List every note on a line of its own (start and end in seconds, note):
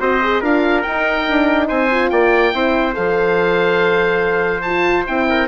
0.00 0.42 C4
0.00 0.21 F#4
0.00 0.41 C5
0.00 0.44 D#5
0.23 0.43 G#4
0.41 0.84 D4
0.41 0.85 F4
0.41 1.68 A#4
0.41 0.83 F5
0.83 1.91 D#4
0.83 1.29 D#4
0.83 1.67 G5
1.29 1.71 D4
1.69 2.12 C4
1.69 2.11 C5
1.69 2.10 G#5
1.91 2.53 F4
2.10 2.54 A#3
2.10 2.55 D5
2.10 2.95 G5
2.53 2.96 C4
2.53 2.94 E4
2.53 5.30 C5
2.94 5.08 F3
2.94 4.63 A4
2.94 4.62 F5
4.62 5.07 F4
4.62 5.04 A5
5.07 5.49 C4
5.07 5.49 E4
5.07 5.49 G5
5.30 5.49 A#4